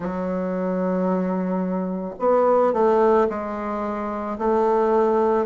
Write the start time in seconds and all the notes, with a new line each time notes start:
0.00 F#3
2.19 B3
2.73 A3
3.29 G#3
4.38 A3